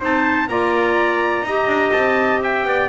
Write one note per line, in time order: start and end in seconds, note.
0.00 0.49 C4
0.00 0.48 D#4
0.00 0.48 C5
0.00 0.49 A5
0.49 1.42 A#3
0.49 1.46 F4
0.49 1.47 D5
0.49 1.93 A#5
1.42 1.66 D#4
1.42 2.43 D#5
1.49 2.89 G4
1.67 1.91 D4
1.93 2.65 C4
1.93 2.41 A5
2.43 2.67 E5
2.43 2.89 G5
2.65 2.89 B3
2.65 2.89 D5